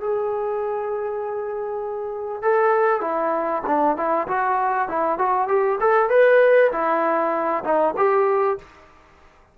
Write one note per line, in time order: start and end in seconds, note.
0.00 2.42 G#4
2.42 3.01 A4
3.01 3.62 E4
3.66 3.96 D4
3.96 4.27 E4
4.27 4.88 F#4
4.88 5.18 E4
5.18 5.48 F#4
5.48 5.78 G4
5.80 6.09 A4
6.09 6.71 B4
6.72 7.63 E4
7.63 7.94 D#4
7.96 8.58 G4